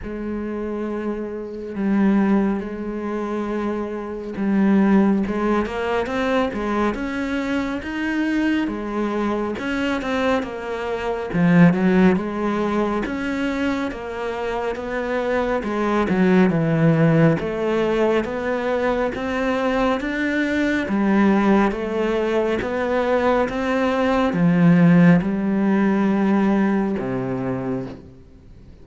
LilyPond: \new Staff \with { instrumentName = "cello" } { \time 4/4 \tempo 4 = 69 gis2 g4 gis4~ | gis4 g4 gis8 ais8 c'8 gis8 | cis'4 dis'4 gis4 cis'8 c'8 | ais4 f8 fis8 gis4 cis'4 |
ais4 b4 gis8 fis8 e4 | a4 b4 c'4 d'4 | g4 a4 b4 c'4 | f4 g2 c4 | }